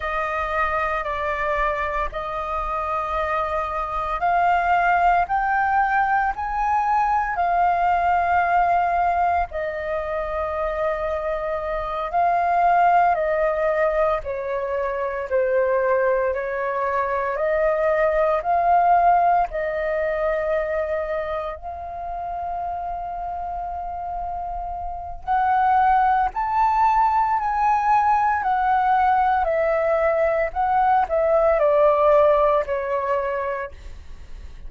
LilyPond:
\new Staff \with { instrumentName = "flute" } { \time 4/4 \tempo 4 = 57 dis''4 d''4 dis''2 | f''4 g''4 gis''4 f''4~ | f''4 dis''2~ dis''8 f''8~ | f''8 dis''4 cis''4 c''4 cis''8~ |
cis''8 dis''4 f''4 dis''4.~ | dis''8 f''2.~ f''8 | fis''4 a''4 gis''4 fis''4 | e''4 fis''8 e''8 d''4 cis''4 | }